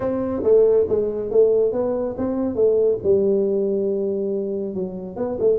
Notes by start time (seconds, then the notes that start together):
0.00 C4
0.43 A3
0.88 G#3
1.30 A3
1.72 B3
2.17 C4
2.55 A3
3.03 G3
4.74 F#3
5.16 B3
5.39 A3